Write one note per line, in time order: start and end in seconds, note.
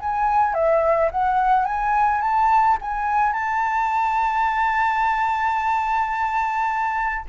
0.00 0.54 G#5
0.54 1.10 E5
1.11 1.65 F#5
1.65 2.21 G#5
2.21 2.78 A5
2.81 3.33 G#5
3.33 7.25 A5